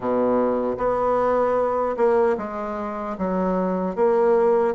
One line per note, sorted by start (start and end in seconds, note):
0.00 0.77 B2
0.77 1.96 B3
1.96 2.36 A#3
2.37 3.16 G#3
3.18 3.95 F#3
3.95 4.74 A#3